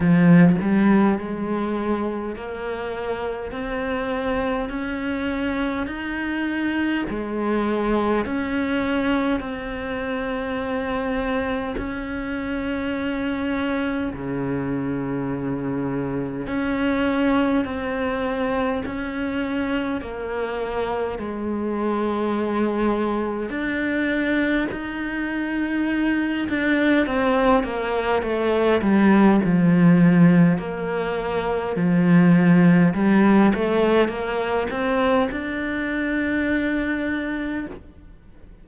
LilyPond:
\new Staff \with { instrumentName = "cello" } { \time 4/4 \tempo 4 = 51 f8 g8 gis4 ais4 c'4 | cis'4 dis'4 gis4 cis'4 | c'2 cis'2 | cis2 cis'4 c'4 |
cis'4 ais4 gis2 | d'4 dis'4. d'8 c'8 ais8 | a8 g8 f4 ais4 f4 | g8 a8 ais8 c'8 d'2 | }